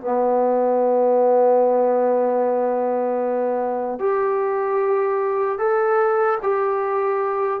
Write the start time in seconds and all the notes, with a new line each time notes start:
0.00 B3
3.99 G4
5.58 A4
6.42 G4